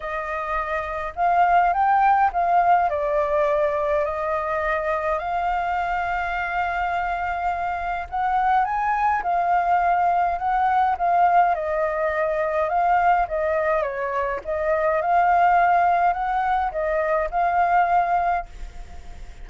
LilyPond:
\new Staff \with { instrumentName = "flute" } { \time 4/4 \tempo 4 = 104 dis''2 f''4 g''4 | f''4 d''2 dis''4~ | dis''4 f''2.~ | f''2 fis''4 gis''4 |
f''2 fis''4 f''4 | dis''2 f''4 dis''4 | cis''4 dis''4 f''2 | fis''4 dis''4 f''2 | }